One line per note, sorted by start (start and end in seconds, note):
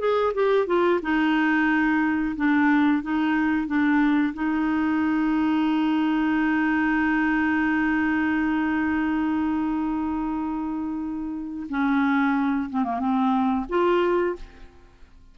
0.00 0.33 G#4
0.35 0.67 G4
0.67 1.00 F4
1.02 2.36 D#4
2.37 3.03 D4
3.03 3.67 D#4
3.67 4.34 D4
4.34 11.67 D#4
11.70 12.70 C#4
12.70 12.85 C4
12.85 13.00 A#3
13.00 13.66 C4
13.69 14.36 F4